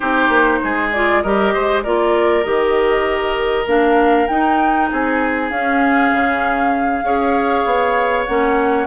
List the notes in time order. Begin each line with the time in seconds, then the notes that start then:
0.00 C4 D#4 G4 C5
0.28 A#3
0.63 G#3 G#4
0.91 F4 D5
1.21 G3 G4 A#4 D#5
1.53 G#3 C5
1.83 A#3 F4 A#4 D5
2.43 D#3 G4 D#5
3.66 A#3 D4 F5
4.27 D#4 G5
4.90 C4 G#4 G#5
5.50 C#4 F5
6.12 C#3
7.03 C#4 G#4 C#5
7.65 B3
8.25 A#3 C#4 F#5